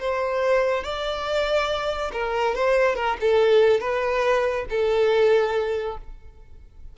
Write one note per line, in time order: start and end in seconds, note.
0.00 0.84 C5
0.84 2.12 D5
2.13 2.55 A#4
2.55 2.96 C5
2.96 3.17 A#4
3.21 3.81 A4
3.81 4.66 B4
4.70 5.98 A4